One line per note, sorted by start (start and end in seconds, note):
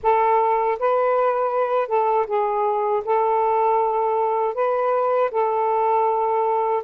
0.02 0.78 A4
0.79 1.88 B4
1.88 2.26 A4
2.26 3.02 G#4
3.04 4.54 A4
4.54 5.30 B4
5.31 6.83 A4